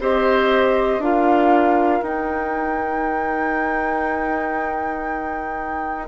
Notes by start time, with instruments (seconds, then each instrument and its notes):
0.00 bassoon C4, clarinet G4, oboe C5, flute D#5
0.98 bassoon D4, clarinet F4, oboe A#4, flute F5
2.02 bassoon D#4, clarinet D#4, flute G5